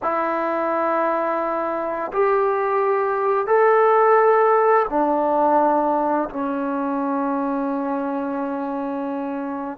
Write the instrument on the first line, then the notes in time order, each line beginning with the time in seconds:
trombone
0.02 E4
2.12 G4
3.46 A4
4.89 D4
6.29 C#4